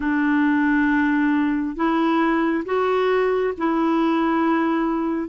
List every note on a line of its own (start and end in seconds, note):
0.00 1.76 D4
1.76 2.64 E4
2.65 3.53 F#4
3.57 5.28 E4